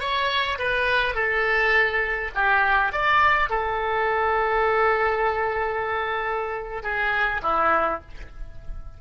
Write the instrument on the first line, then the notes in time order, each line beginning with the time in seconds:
oboe
0.00 C#5
0.59 B4
1.15 A4
2.35 G4
2.93 D5
3.50 A4
6.83 G#4
7.43 E4